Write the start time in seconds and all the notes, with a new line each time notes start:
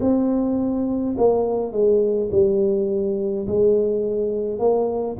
0.00 C4
1.17 A#3
1.72 G#3
2.31 G3
3.47 G#3
4.59 A#3